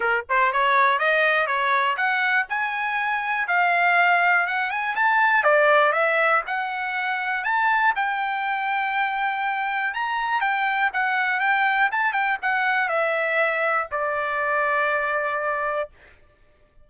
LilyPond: \new Staff \with { instrumentName = "trumpet" } { \time 4/4 \tempo 4 = 121 ais'8 c''8 cis''4 dis''4 cis''4 | fis''4 gis''2 f''4~ | f''4 fis''8 gis''8 a''4 d''4 | e''4 fis''2 a''4 |
g''1 | ais''4 g''4 fis''4 g''4 | a''8 g''8 fis''4 e''2 | d''1 | }